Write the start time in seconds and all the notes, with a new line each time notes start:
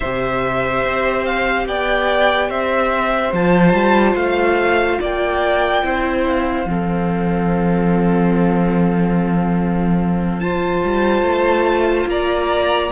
0.00 C3 G4 C5 E5
0.84 C4
1.25 F5
1.67 B3 D5 G5
2.49 C4 C5 E5
3.32 F3 F4 A5
3.73 G3
4.15 A3 F5
5.00 A#3 D5 G5
5.83 C4 E4 C5
6.26 F5
6.65 F3 C4 A4
10.40 F4 C5 A5
10.84 G3
11.22 A3
12.06 A#3 D5 A#5